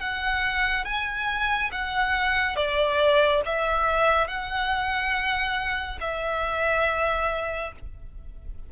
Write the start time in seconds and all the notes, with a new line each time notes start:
0.00 F#5
0.85 G#5
1.72 F#5
2.56 D5
3.46 E5
4.28 F#5
6.01 E5